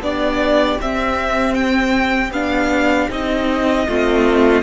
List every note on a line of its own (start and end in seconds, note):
0.00 0.77 B3
0.00 0.80 D4
0.00 3.87 G4
0.00 0.80 D5
0.81 2.34 C4
0.81 2.31 C4
0.81 1.54 E5
1.54 2.31 G5
2.31 3.08 B3
2.31 3.10 D4
2.31 3.10 F5
3.10 3.87 C4
3.10 3.87 D#4
3.10 4.62 D#5
3.87 4.62 A3
3.87 4.62 C4
3.87 4.62 F4